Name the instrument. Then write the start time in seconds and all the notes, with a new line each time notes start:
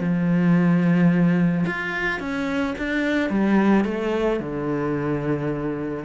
cello
0.00 F3
1.66 F4
2.20 C#4
2.78 D4
3.30 G3
3.85 A3
4.40 D3